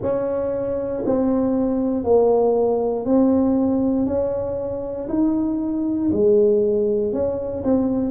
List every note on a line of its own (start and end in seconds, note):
0.01 1.03 C#4
1.05 2.03 C4
2.03 3.05 A#3
3.05 4.06 C4
4.06 5.08 C#4
5.08 6.10 D#4
6.12 7.12 G#3
7.12 7.63 C#4
7.64 8.11 C4